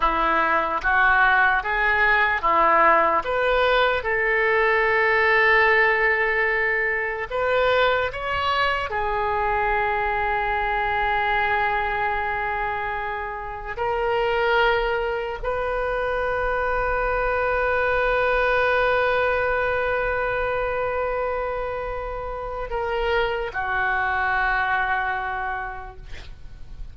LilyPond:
\new Staff \with { instrumentName = "oboe" } { \time 4/4 \tempo 4 = 74 e'4 fis'4 gis'4 e'4 | b'4 a'2.~ | a'4 b'4 cis''4 gis'4~ | gis'1~ |
gis'4 ais'2 b'4~ | b'1~ | b'1 | ais'4 fis'2. | }